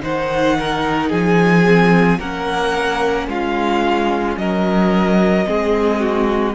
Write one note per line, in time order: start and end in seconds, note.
0.00 1.12 D#3
0.00 1.64 D#4
0.00 0.58 C5
0.00 1.12 F#5
0.60 1.10 A#4
1.10 2.20 F3
1.10 2.19 G#4
1.10 2.20 G#5
1.66 2.20 C4
2.19 3.28 A#3
2.19 5.45 C#4
2.19 3.28 A#4
2.19 3.29 F#5
3.28 4.37 G#3
3.28 4.40 F4
3.28 4.38 F5
4.37 5.46 F#3
4.37 5.48 A#4
4.37 6.55 D#5
5.45 6.55 G#3
5.45 6.54 C4
5.45 6.01 G#4
6.01 6.55 F#4